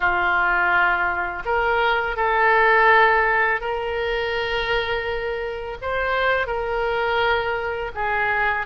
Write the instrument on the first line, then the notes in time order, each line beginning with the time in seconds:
oboe
0.00 F4
1.45 A#4
2.16 A4
3.60 A#4
5.81 C5
6.47 A#4
7.95 G#4